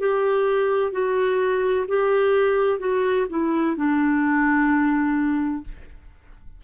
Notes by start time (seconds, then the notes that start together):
0.00 G4
0.92 F#4
1.88 G4
2.80 F#4
3.30 E4
3.76 D4